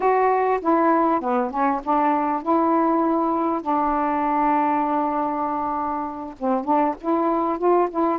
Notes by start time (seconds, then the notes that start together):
0.00 F#4
0.61 E4
1.20 B3
1.50 C#4
1.83 D4
2.42 E4
3.61 D4
6.38 C4
6.64 D4
7.00 E4
7.58 F4
7.90 E4